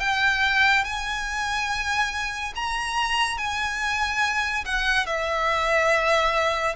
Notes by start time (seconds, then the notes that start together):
0.00 G5
0.85 G#5
2.56 A#5
3.38 G#5
4.65 F#5
5.07 E5